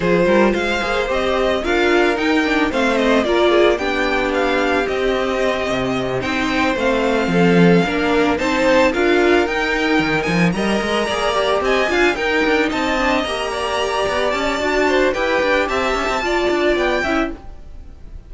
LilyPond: <<
  \new Staff \with { instrumentName = "violin" } { \time 4/4 \tempo 4 = 111 c''4 f''4 dis''4 f''4 | g''4 f''8 dis''8 d''4 g''4 | f''4 dis''2~ dis''8 g''8~ | g''8 f''2. a''8~ |
a''8 f''4 g''4. gis''8 ais''8~ | ais''4. gis''4 g''4 a''8~ | a''8 ais''2 a''4. | g''4 a''2 g''4 | }
  \new Staff \with { instrumentName = "violin" } { \time 4/4 gis'8 ais'8 c''2 ais'4~ | ais'4 c''4 ais'8 gis'8 g'4~ | g'2.~ g'8 c''8~ | c''4. a'4 ais'4 c''8~ |
c''8 ais'2. dis''8~ | dis''8 d''4 dis''8 f''8 ais'4 dis''8~ | dis''4 d''2~ d''8 c''8 | b'4 e''4 d''4. e''8 | }
  \new Staff \with { instrumentName = "viola" } { \time 4/4 f'4. gis'8 g'4 f'4 | dis'8 d'8 c'4 f'4 d'4~ | d'4 c'2~ c'8 dis'8~ | dis'8 c'2 d'4 dis'8~ |
dis'8 f'4 dis'2 ais'8~ | ais'8 gis'8 g'4 f'8 dis'4. | d'8 g'2~ g'8 fis'4 | g'2 f'4. e'8 | }
  \new Staff \with { instrumentName = "cello" } { \time 4/4 f8 g8 gis8 ais8 c'4 d'4 | dis'4 a4 ais4 b4~ | b4 c'4. c4 c'8~ | c'8 a4 f4 ais4 c'8~ |
c'8 d'4 dis'4 dis8 f8 g8 | gis8 ais4 c'8 d'8 dis'8 d'8 c'8~ | c'8 ais4. b8 cis'8 d'4 | e'8 d'8 c'8 cis'16 c'16 f'8 d'8 b8 cis'8 | }
>>